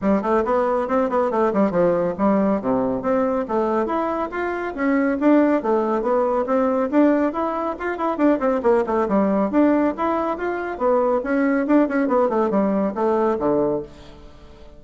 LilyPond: \new Staff \with { instrumentName = "bassoon" } { \time 4/4 \tempo 4 = 139 g8 a8 b4 c'8 b8 a8 g8 | f4 g4 c4 c'4 | a4 e'4 f'4 cis'4 | d'4 a4 b4 c'4 |
d'4 e'4 f'8 e'8 d'8 c'8 | ais8 a8 g4 d'4 e'4 | f'4 b4 cis'4 d'8 cis'8 | b8 a8 g4 a4 d4 | }